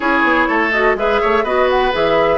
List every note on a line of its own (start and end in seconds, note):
0.00 0.23 C#4
0.00 0.72 E4
0.00 0.47 G#4
0.00 0.71 C#5
0.23 0.47 B3
0.48 0.95 A3
0.48 0.96 A4
0.71 0.97 F#4
0.71 0.95 D#5
0.95 1.19 G#3
0.95 1.45 G#4
0.95 1.21 B4
0.95 1.44 E5
1.21 1.43 A3
1.21 1.44 C#5
1.43 1.92 B3
1.43 1.91 F#4
1.43 2.38 B4
1.43 1.69 D#5
1.69 1.93 F#5
1.91 2.38 E3
1.91 2.38 G#4
1.91 2.38 E5